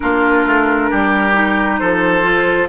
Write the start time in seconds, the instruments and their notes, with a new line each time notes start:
0.00 bassoon A#3, clarinet D4, oboe F4, flute A#4
0.45 bassoon A3
0.90 bassoon G3, oboe G4
1.33 clarinet D#4
1.79 bassoon F3, oboe A4, flute C5
2.22 clarinet F4